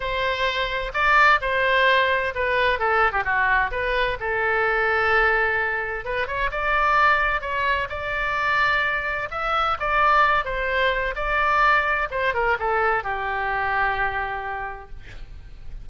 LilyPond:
\new Staff \with { instrumentName = "oboe" } { \time 4/4 \tempo 4 = 129 c''2 d''4 c''4~ | c''4 b'4 a'8. g'16 fis'4 | b'4 a'2.~ | a'4 b'8 cis''8 d''2 |
cis''4 d''2. | e''4 d''4. c''4. | d''2 c''8 ais'8 a'4 | g'1 | }